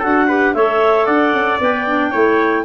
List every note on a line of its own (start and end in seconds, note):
0.00 0.56 D4
0.00 0.30 F#4
0.00 0.26 A4
0.00 0.54 F#5
0.28 0.55 G4
0.28 0.54 B4
0.54 1.08 A3
0.54 1.61 A4
0.54 1.06 C#5
0.54 1.06 E5
1.06 1.33 D4
1.06 2.11 D5
1.06 1.59 F#5
1.33 1.60 C#4
1.61 2.13 B3
1.61 1.87 B4
1.61 2.65 G5
1.87 2.13 D4
2.11 2.65 A3
2.11 2.65 E4
2.11 2.64 C#5